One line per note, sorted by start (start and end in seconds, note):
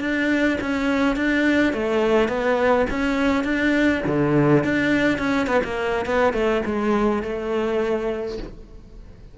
0.00 0.58 D4
0.61 1.16 C#4
1.16 1.73 D4
1.73 2.28 A3
2.28 2.86 B3
2.90 3.44 C#4
3.44 4.01 D4
4.06 4.64 D3
4.64 5.18 D4
5.18 5.47 C#4
5.47 5.61 B3
5.64 6.06 A#3
6.06 6.33 B3
6.33 6.62 A3
6.66 7.23 G#3
7.23 8.38 A3